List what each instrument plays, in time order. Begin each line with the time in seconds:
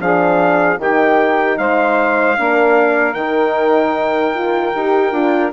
0.00 bassoon F3, horn D4, saxophone G#4, trumpet F5
0.78 bassoon D#3, horn D#4, saxophone G4, trumpet G5
1.58 bassoon G#3, saxophone C5, trumpet F5
2.37 bassoon A#3, horn D4, saxophone A#4
3.14 bassoon D#3, horn D#4, trumpet G5
4.35 horn F4
4.75 bassoon D#4, horn G4
5.12 bassoon D4, horn F4